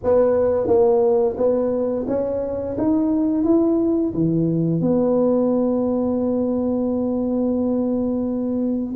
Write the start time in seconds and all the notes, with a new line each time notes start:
0.03 B3
0.67 A#3
1.37 B3
2.07 C#4
2.77 D#4
3.44 E4
4.13 E3
4.81 B3